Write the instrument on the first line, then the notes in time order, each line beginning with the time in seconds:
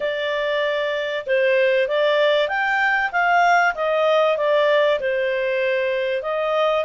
clarinet
0.00 D5
1.26 C5
1.88 D5
2.48 G5
3.11 F5
3.74 D#5
4.37 D5
5.00 C5
6.22 D#5